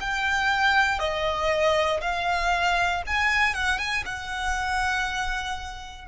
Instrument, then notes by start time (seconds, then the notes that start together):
violin
0.00 G5
0.99 D#5
2.01 F5
3.06 G#5
3.54 F#5
3.79 G#5
4.05 F#5